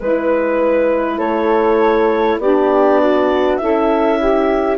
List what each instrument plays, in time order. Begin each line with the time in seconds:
0.00 bassoon G#3, saxophone E4, flute B4, clarinet B4
1.18 bassoon A3, flute A4, clarinet C#5
2.38 bassoon B3, saxophone D4, flute G4, clarinet D5
3.00 flute F#4
3.57 bassoon C#4, flute E4, saxophone A4, clarinet E5
4.19 saxophone G4